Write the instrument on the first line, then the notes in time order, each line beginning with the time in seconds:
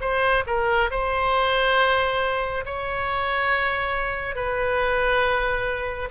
oboe
0.00 C5
0.46 A#4
0.90 C5
2.65 C#5
4.35 B4